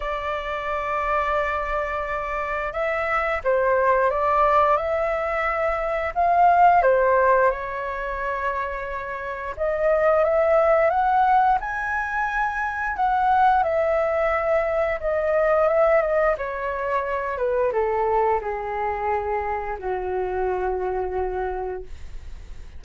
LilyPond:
\new Staff \with { instrumentName = "flute" } { \time 4/4 \tempo 4 = 88 d''1 | e''4 c''4 d''4 e''4~ | e''4 f''4 c''4 cis''4~ | cis''2 dis''4 e''4 |
fis''4 gis''2 fis''4 | e''2 dis''4 e''8 dis''8 | cis''4. b'8 a'4 gis'4~ | gis'4 fis'2. | }